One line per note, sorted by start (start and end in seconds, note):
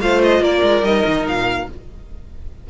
0.00 0.40 A3
0.00 0.83 F4
0.00 0.42 C5
0.00 0.21 F5
0.23 0.43 D#5
0.40 0.61 A#3
0.40 1.67 A#4
0.40 0.84 D5
0.62 0.82 G#3
0.82 1.03 G3
0.82 1.66 D#4
0.82 1.26 D#5
1.06 1.26 D#3
1.27 1.68 A#2
1.27 1.69 F5